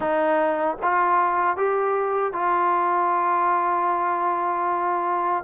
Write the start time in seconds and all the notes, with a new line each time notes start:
0.00 D#4
0.82 F4
1.56 G4
2.32 F4